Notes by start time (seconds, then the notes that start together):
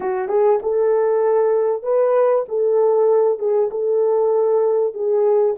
0.00 F#4
0.28 G#4
0.62 A4
1.82 B4
2.48 A4
3.38 G#4
3.71 A4
4.93 G#4